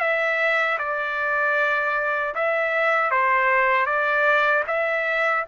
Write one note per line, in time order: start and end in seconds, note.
0.00 0.78 E5
0.79 2.34 D5
2.35 3.11 E5
3.11 3.86 C5
3.86 4.64 D5
4.67 5.45 E5